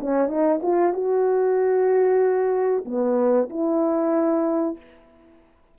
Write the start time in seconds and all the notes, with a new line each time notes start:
0.00 C#4
0.28 D#4
0.62 F4
0.93 F#4
2.85 B3
3.49 E4